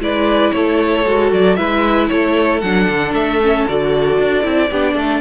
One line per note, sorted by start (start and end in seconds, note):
0.00 0.52 G#3
0.00 1.05 E4
0.00 0.55 B4
0.00 0.52 D5
0.52 1.06 A3
0.52 1.58 A4
0.52 1.31 C#5
1.07 1.33 G#3
1.07 1.58 F#4
1.33 1.58 F#3
1.33 1.56 D5
1.56 2.10 G#3
1.56 2.62 E4
1.56 2.10 B4
1.56 2.08 E5
2.09 2.63 A3
2.09 4.70 A4
2.09 2.61 C#5
2.61 2.89 F#3
2.61 3.43 D4
2.61 3.13 F#5
2.89 3.14 D3
3.14 3.66 A3
3.14 3.67 E5
3.43 3.69 C#4
3.69 4.19 D3
3.69 4.43 F#4
3.69 5.22 D5
4.19 4.45 D4
4.43 4.71 C4
4.43 4.69 E4
4.70 4.96 B3
4.70 5.22 D4
4.70 4.95 G4
4.95 5.22 A3
4.95 5.21 A4